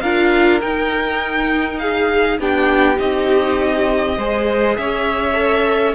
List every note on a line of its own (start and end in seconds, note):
0.00 0.61 D4
0.00 0.61 F4
0.00 1.80 A#4
0.00 0.59 F5
0.61 2.39 D#4
0.61 1.78 G5
1.78 2.40 G#4
1.78 2.37 F5
2.39 2.98 B3
2.39 2.96 D4
2.39 4.17 G4
2.39 2.99 G5
2.96 4.17 C4
2.96 4.15 D#4
2.96 4.76 D#5
4.17 4.77 G#3
4.17 5.34 G#4
4.17 4.77 C5
4.76 5.94 C#4
4.76 5.94 C#5
4.76 5.94 E5
5.34 5.93 A4